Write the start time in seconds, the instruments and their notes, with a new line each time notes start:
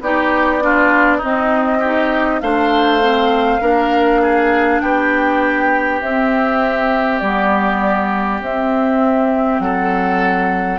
0.00 bassoon B3, clarinet D#4, oboe G4, flute D5
0.61 clarinet D4, oboe F4
1.17 clarinet C4, bassoon C4, oboe D#4, flute D#5
1.79 clarinet D#4, oboe G4
2.40 bassoon A3, clarinet D4, oboe C5, flute F5
3.01 clarinet C4
3.60 bassoon A#3, clarinet D4, oboe A#4
4.21 oboe G#4
4.80 bassoon B3, oboe G4, flute G5
6.00 bassoon C4, clarinet C4, flute E5
7.19 bassoon G3, clarinet B3, flute D5
8.41 bassoon C4, clarinet C4, flute E5
9.59 bassoon F#3, oboe A4, flute F#5